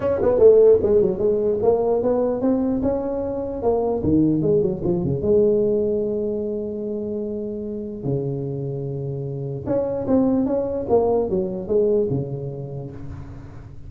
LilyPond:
\new Staff \with { instrumentName = "tuba" } { \time 4/4 \tempo 4 = 149 cis'8 b8 a4 gis8 fis8 gis4 | ais4 b4 c'4 cis'4~ | cis'4 ais4 dis4 gis8 fis8 | f8 cis8 gis2.~ |
gis1 | cis1 | cis'4 c'4 cis'4 ais4 | fis4 gis4 cis2 | }